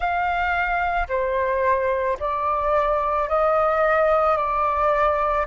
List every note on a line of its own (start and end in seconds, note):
0.00 1.07 F5
1.08 2.17 C5
2.19 3.28 D5
3.28 4.36 D#5
4.36 5.45 D5